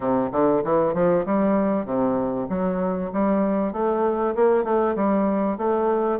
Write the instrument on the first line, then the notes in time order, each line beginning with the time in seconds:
bassoon
0.00 C3
0.31 D3
0.64 E3
0.94 F3
1.25 G3
1.85 C3
2.49 F#3
3.12 G3
3.73 A3
4.35 A#3
4.64 A3
4.95 G3
5.57 A3